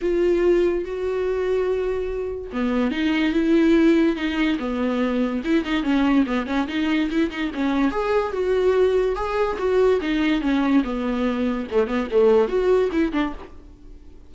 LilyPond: \new Staff \with { instrumentName = "viola" } { \time 4/4 \tempo 4 = 144 f'2 fis'2~ | fis'2 b4 dis'4 | e'2 dis'4 b4~ | b4 e'8 dis'8 cis'4 b8 cis'8 |
dis'4 e'8 dis'8 cis'4 gis'4 | fis'2 gis'4 fis'4 | dis'4 cis'4 b2 | a8 b8 a4 fis'4 e'8 d'8 | }